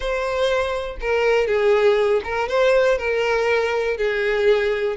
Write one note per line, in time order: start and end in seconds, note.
0.00 0.97 C5
1.00 1.47 A#4
1.47 2.21 G#4
2.24 2.48 A#4
2.48 2.98 C5
2.98 3.97 A#4
3.97 4.96 G#4